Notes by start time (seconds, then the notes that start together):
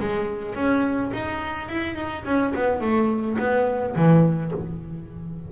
0.00 G#3
0.55 C#4
1.14 D#4
1.69 E4
1.96 D#4
2.25 C#4
2.56 B3
2.81 A3
3.39 B3
3.96 E3